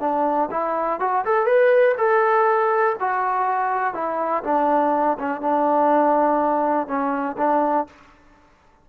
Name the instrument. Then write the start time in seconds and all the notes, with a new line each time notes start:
trombone
0.00 D4
0.51 E4
1.00 F#4
1.25 A4
1.46 B4
1.98 A4
3.00 F#4
3.94 E4
4.44 D4
5.19 C#4
5.41 D4
6.87 C#4
7.38 D4